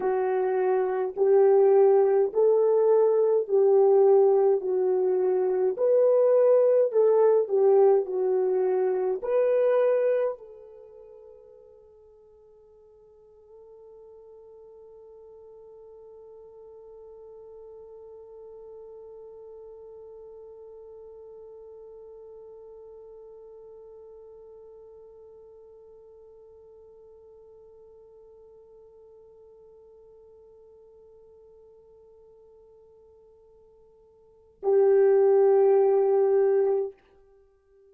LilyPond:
\new Staff \with { instrumentName = "horn" } { \time 4/4 \tempo 4 = 52 fis'4 g'4 a'4 g'4 | fis'4 b'4 a'8 g'8 fis'4 | b'4 a'2.~ | a'1~ |
a'1~ | a'1~ | a'1~ | a'2 g'2 | }